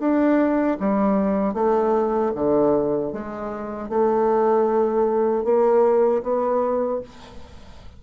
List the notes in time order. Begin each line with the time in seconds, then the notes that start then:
0.00 D4
0.80 G3
1.54 A3
2.35 D3
3.13 G#3
3.90 A3
5.44 A#3
6.23 B3